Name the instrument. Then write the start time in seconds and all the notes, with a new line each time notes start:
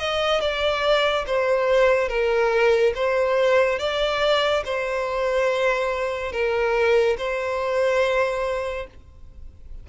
violin
0.00 D#5
0.41 D5
1.27 C5
2.09 A#4
2.95 C5
3.80 D5
4.66 C5
6.33 A#4
7.18 C5